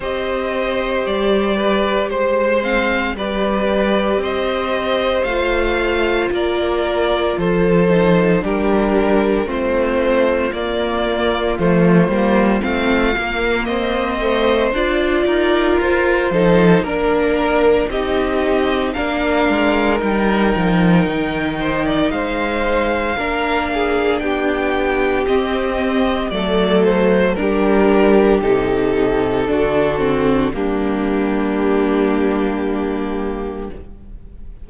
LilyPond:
<<
  \new Staff \with { instrumentName = "violin" } { \time 4/4 \tempo 4 = 57 dis''4 d''4 c''4 d''4 | dis''4 f''4 d''4 c''4 | ais'4 c''4 d''4 c''4 | f''4 dis''4 d''4 c''4 |
ais'4 dis''4 f''4 g''4~ | g''4 f''2 g''4 | dis''4 d''8 c''8 ais'4 a'4~ | a'4 g'2. | }
  \new Staff \with { instrumentName = "violin" } { \time 4/4 c''4. b'8 c''8 f''8 b'4 | c''2 ais'4 a'4 | g'4 f'2.~ | f'4 c''4. ais'4 a'8 |
ais'4 g'4 ais'2~ | ais'8 c''16 d''16 c''4 ais'8 gis'8 g'4~ | g'4 a'4 g'2 | fis'4 d'2. | }
  \new Staff \with { instrumentName = "viola" } { \time 4/4 g'2~ g'8 c'8 g'4~ | g'4 f'2~ f'8 dis'8 | d'4 c'4 ais4 a8 ais8 | c'8 ais4 a8 f'4. dis'8 |
d'4 dis'4 d'4 dis'4~ | dis'2 d'2 | c'4 a4 d'4 dis'4 | d'8 c'8 ais2. | }
  \new Staff \with { instrumentName = "cello" } { \time 4/4 c'4 g4 gis4 g4 | c'4 a4 ais4 f4 | g4 a4 ais4 f8 g8 | a8 ais8 c'4 d'8 dis'8 f'8 f8 |
ais4 c'4 ais8 gis8 g8 f8 | dis4 gis4 ais4 b4 | c'4 fis4 g4 c4 | d4 g2. | }
>>